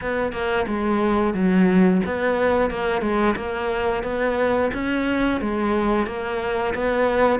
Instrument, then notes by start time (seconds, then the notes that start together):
cello
0.01 B3
0.32 A#3
0.67 G#3
1.34 F#3
2.05 B3
2.70 A#3
3.01 G#3
3.36 A#3
4.03 B3
4.73 C#4
5.41 G#3
6.06 A#3
6.74 B3